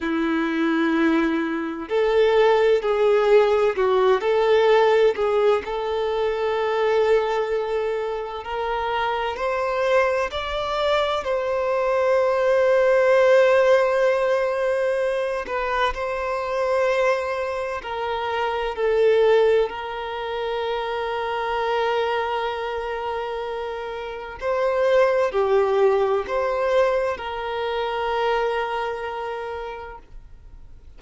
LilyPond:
\new Staff \with { instrumentName = "violin" } { \time 4/4 \tempo 4 = 64 e'2 a'4 gis'4 | fis'8 a'4 gis'8 a'2~ | a'4 ais'4 c''4 d''4 | c''1~ |
c''8 b'8 c''2 ais'4 | a'4 ais'2.~ | ais'2 c''4 g'4 | c''4 ais'2. | }